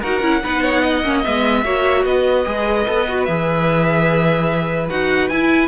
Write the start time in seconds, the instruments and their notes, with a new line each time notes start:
0.00 cello D#4, viola F#4, violin A#4 F#5
0.21 cello C#4, viola E4
0.43 cello B3, viola D#4, violin B4
0.63 violin C#5
0.83 violin D#5
1.03 cello A#3, viola C#4
1.24 cello G#3, viola B3, violin E5
1.64 cello A#3, viola F#4, violin C#5
2.05 cello B3, violin B4 D#5
2.45 cello G#3, viola G#4
2.87 cello B3, viola A4
3.08 viola F#4
3.25 cello E3, viola G#4, violin E5
4.90 cello D#4, viola F#4, violin F#5
5.29 cello E4, viola E4, violin G#5